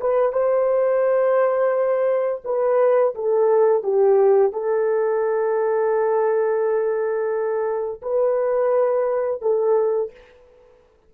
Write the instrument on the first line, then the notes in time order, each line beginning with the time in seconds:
horn
0.00 B4
0.32 C5
2.44 B4
3.15 A4
3.83 G4
4.52 A4
8.02 B4
9.41 A4